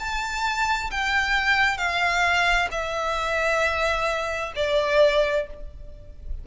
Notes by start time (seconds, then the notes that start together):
0.00 A5
0.91 G5
1.78 F5
2.71 E5
4.56 D5